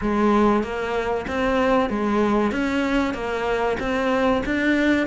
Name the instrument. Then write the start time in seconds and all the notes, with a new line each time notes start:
cello
0.01 G#3
0.63 A#3
1.27 C4
1.89 G#3
2.51 C#4
3.14 A#3
3.79 C4
4.45 D4